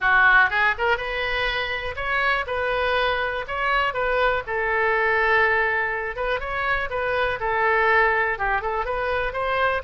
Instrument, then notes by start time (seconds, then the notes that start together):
oboe
0.00 F#4
0.50 G#4
0.78 A#4
0.97 B4
1.95 C#5
2.46 B4
3.47 C#5
3.93 B4
4.46 A4
6.15 B4
6.40 C#5
6.90 B4
7.40 A4
8.38 G4
8.61 A4
8.85 B4
9.33 C5